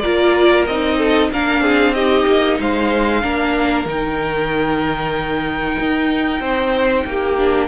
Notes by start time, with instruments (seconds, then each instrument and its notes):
0.00 cello A#3, viola F4, violin A#4 D5
0.67 cello C4, viola D#4, violin D#5
0.98 violin A4
1.32 cello A#3, viola D4, violin A#4 F5
1.61 cello C4, violin G#4
1.94 viola D#4, violin G4 D#5
2.27 cello A#3
2.60 cello G#3, violin C5 F5
3.22 cello A#3, viola D4, violin A#4
3.86 cello D#3, viola D#4, violin G5
5.80 cello D#4
6.40 cello C4, violin C5
7.06 cello A#3, violin G4
7.38 viola D4